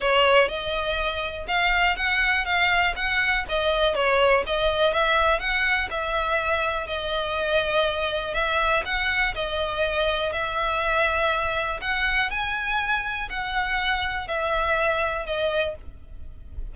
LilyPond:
\new Staff \with { instrumentName = "violin" } { \time 4/4 \tempo 4 = 122 cis''4 dis''2 f''4 | fis''4 f''4 fis''4 dis''4 | cis''4 dis''4 e''4 fis''4 | e''2 dis''2~ |
dis''4 e''4 fis''4 dis''4~ | dis''4 e''2. | fis''4 gis''2 fis''4~ | fis''4 e''2 dis''4 | }